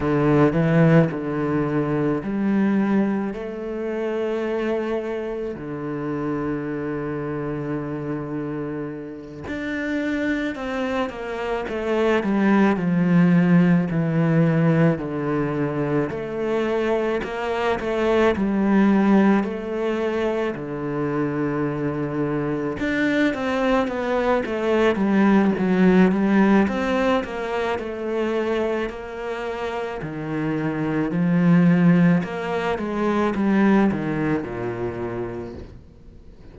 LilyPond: \new Staff \with { instrumentName = "cello" } { \time 4/4 \tempo 4 = 54 d8 e8 d4 g4 a4~ | a4 d2.~ | d8 d'4 c'8 ais8 a8 g8 f8~ | f8 e4 d4 a4 ais8 |
a8 g4 a4 d4.~ | d8 d'8 c'8 b8 a8 g8 fis8 g8 | c'8 ais8 a4 ais4 dis4 | f4 ais8 gis8 g8 dis8 ais,4 | }